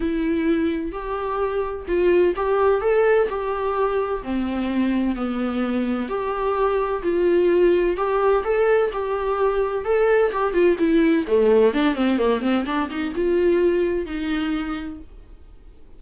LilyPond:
\new Staff \with { instrumentName = "viola" } { \time 4/4 \tempo 4 = 128 e'2 g'2 | f'4 g'4 a'4 g'4~ | g'4 c'2 b4~ | b4 g'2 f'4~ |
f'4 g'4 a'4 g'4~ | g'4 a'4 g'8 f'8 e'4 | a4 d'8 c'8 ais8 c'8 d'8 dis'8 | f'2 dis'2 | }